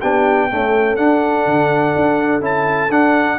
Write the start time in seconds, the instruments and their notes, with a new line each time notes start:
0.00 tuba B3, trombone D4, horn G4, trumpet G5
0.50 trombone A3, tuba C#4, horn A4
0.96 trombone D4, tuba D4, trumpet F#5
1.46 tuba D3
1.96 tuba D4
2.41 tuba C#4, trombone E4, trumpet A5
2.89 tuba D4, trombone D4, trumpet F#5